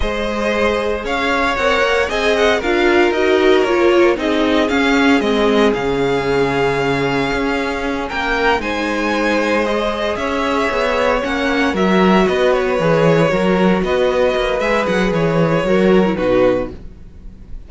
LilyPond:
<<
  \new Staff \with { instrumentName = "violin" } { \time 4/4 \tempo 4 = 115 dis''2 f''4 fis''4 | gis''8 fis''8 f''4 dis''4 cis''4 | dis''4 f''4 dis''4 f''4~ | f''2.~ f''8 g''8~ |
g''8 gis''2 dis''4 e''8~ | e''4. fis''4 e''4 dis''8 | cis''2~ cis''8 dis''4. | e''8 fis''8 cis''2 b'4 | }
  \new Staff \with { instrumentName = "violin" } { \time 4/4 c''2 cis''2 | dis''4 ais'2. | gis'1~ | gis'2.~ gis'8 ais'8~ |
ais'8 c''2. cis''8~ | cis''2~ cis''8 ais'4 b'8~ | b'4. ais'4 b'4.~ | b'2 ais'4 fis'4 | }
  \new Staff \with { instrumentName = "viola" } { \time 4/4 gis'2. ais'4 | gis'4 f'4 fis'4 f'4 | dis'4 cis'4 c'4 cis'4~ | cis'1~ |
cis'8 dis'2 gis'4.~ | gis'4. cis'4 fis'4.~ | fis'8 gis'4 fis'2~ fis'8 | gis'2 fis'8. e'16 dis'4 | }
  \new Staff \with { instrumentName = "cello" } { \time 4/4 gis2 cis'4 c'8 ais8 | c'4 d'4 dis'4 ais4 | c'4 cis'4 gis4 cis4~ | cis2 cis'4. ais8~ |
ais8 gis2. cis'8~ | cis'8 b4 ais4 fis4 b8~ | b8 e4 fis4 b4 ais8 | gis8 fis8 e4 fis4 b,4 | }
>>